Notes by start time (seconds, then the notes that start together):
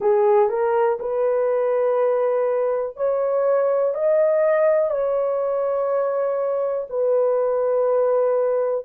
0.00 G#4
0.49 A#4
0.99 B4
2.96 C#5
3.94 D#5
4.90 C#5
6.89 B4